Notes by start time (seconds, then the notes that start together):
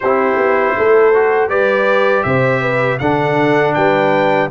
0.00 C4 E4 G4 C5
0.36 B3
0.76 A3 A4
1.13 F#4
1.49 G3 G4 B4 D5
2.23 C3 C5 E5
2.61 B4
2.98 D3 D4 A4 F#5
3.74 G3 B4 G5